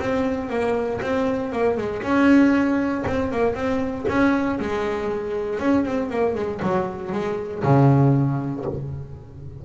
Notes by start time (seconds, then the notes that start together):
0.00 C4
0.49 A#3
1.02 C4
1.52 A#3
1.78 G#3
2.02 C#4
3.07 C4
3.32 A#3
3.55 C4
4.08 C#4
4.60 G#3
5.60 C#4
5.85 C4
6.10 A#3
6.35 G#3
6.62 F#3
7.12 G#3
7.63 C#3